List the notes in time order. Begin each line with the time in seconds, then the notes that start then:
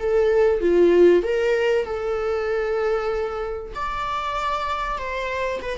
0.00 A4
0.61 F4
1.23 A#4
1.86 A4
3.75 D5
4.98 C5
5.62 B4